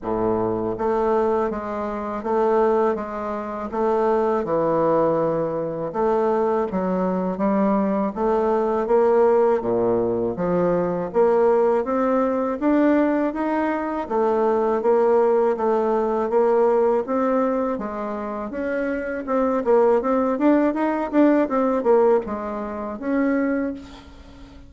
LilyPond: \new Staff \with { instrumentName = "bassoon" } { \time 4/4 \tempo 4 = 81 a,4 a4 gis4 a4 | gis4 a4 e2 | a4 fis4 g4 a4 | ais4 ais,4 f4 ais4 |
c'4 d'4 dis'4 a4 | ais4 a4 ais4 c'4 | gis4 cis'4 c'8 ais8 c'8 d'8 | dis'8 d'8 c'8 ais8 gis4 cis'4 | }